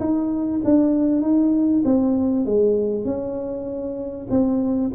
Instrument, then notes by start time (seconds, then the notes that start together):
tuba
0.00 D#4
0.65 D4
1.22 D#4
1.85 C4
2.46 G#3
3.05 C#4
4.30 C4